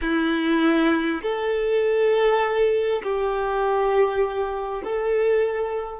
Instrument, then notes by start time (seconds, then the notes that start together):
violin
0.01 E4
1.22 A4
3.02 G4
4.83 A4